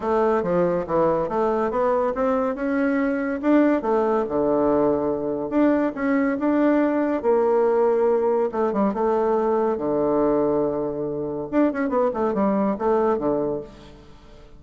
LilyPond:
\new Staff \with { instrumentName = "bassoon" } { \time 4/4 \tempo 4 = 141 a4 f4 e4 a4 | b4 c'4 cis'2 | d'4 a4 d2~ | d4 d'4 cis'4 d'4~ |
d'4 ais2. | a8 g8 a2 d4~ | d2. d'8 cis'8 | b8 a8 g4 a4 d4 | }